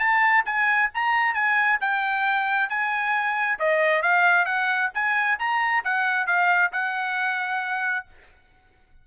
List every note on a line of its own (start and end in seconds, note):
0.00 0.45 A5
0.46 0.91 G#5
0.95 1.35 A#5
1.35 1.80 G#5
1.81 2.70 G5
2.70 3.59 G#5
3.59 4.03 D#5
4.03 4.46 F5
4.46 4.91 F#5
4.95 5.39 G#5
5.39 5.84 A#5
5.85 6.27 F#5
6.27 6.72 F5
6.72 8.07 F#5